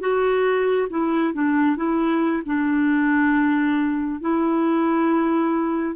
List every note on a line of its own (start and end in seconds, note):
0.00 0.88 F#4
0.90 1.34 E4
1.34 1.76 D4
1.76 2.43 E4
2.46 4.21 D4
4.21 5.96 E4